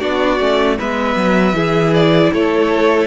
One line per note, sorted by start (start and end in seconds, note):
0.00 0.40 B3
0.00 0.39 D4
0.00 0.77 F#4
0.00 0.77 D5
0.39 0.79 A3
0.39 0.78 C#4
0.79 1.16 G#3
0.79 1.54 B3
0.79 1.56 B4
0.79 1.94 E5
1.16 1.53 F#3
1.53 2.30 E3
1.53 3.07 E4
1.53 2.33 G#4
1.94 2.33 D5
2.33 3.07 A3
2.33 3.07 A4
2.33 3.07 C#5